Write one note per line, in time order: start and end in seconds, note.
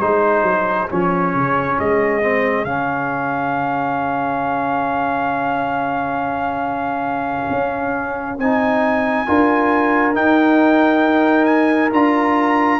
0.00 0.43 G#3
0.00 0.88 D#4
0.00 9.27 G#4
0.00 0.89 C5
0.43 0.87 F#3
0.89 1.34 F3
0.89 2.21 C#4
0.89 1.79 C#5
1.34 1.78 C#3
1.79 2.65 G#3
1.79 2.64 D#5
2.21 2.65 C4
2.64 7.50 C#3
2.64 8.39 C#4
2.64 8.38 F5
7.50 8.38 C#4
8.38 9.26 C4
8.38 9.26 D#4
8.38 10.15 G#5
9.26 10.16 D4
9.26 10.14 F4
9.26 12.80 A#4
10.14 11.90 D#4
10.14 11.92 D#4
10.14 11.45 G5
11.45 11.89 G#5
11.92 12.80 D4
11.92 12.80 F4
11.92 12.80 A#5